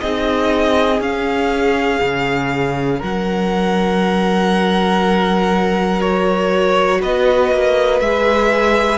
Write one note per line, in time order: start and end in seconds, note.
0.00 1.00 C4
0.00 1.02 D#4
0.00 2.99 G#4
0.00 1.00 D#5
1.00 2.00 C#4
1.00 6.01 C#4
1.00 3.02 F5
2.01 3.01 C#3
2.99 7.02 F#3
2.99 6.99 A#4
2.99 6.01 F#5
6.01 8.01 F#4
6.01 7.01 C#5
7.01 7.52 B3
7.01 8.98 B4
7.01 8.00 D#5
7.52 8.00 A#3
8.00 8.98 G#3
8.00 8.98 G#4
8.00 8.98 E5